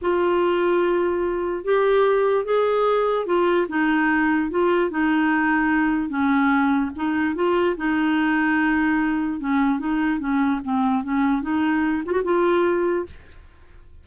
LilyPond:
\new Staff \with { instrumentName = "clarinet" } { \time 4/4 \tempo 4 = 147 f'1 | g'2 gis'2 | f'4 dis'2 f'4 | dis'2. cis'4~ |
cis'4 dis'4 f'4 dis'4~ | dis'2. cis'4 | dis'4 cis'4 c'4 cis'4 | dis'4. f'16 fis'16 f'2 | }